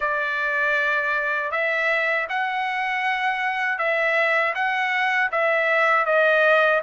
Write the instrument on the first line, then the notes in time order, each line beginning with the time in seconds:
trumpet
0.00 D5
1.51 E5
2.29 F#5
3.78 E5
4.55 F#5
5.31 E5
6.05 D#5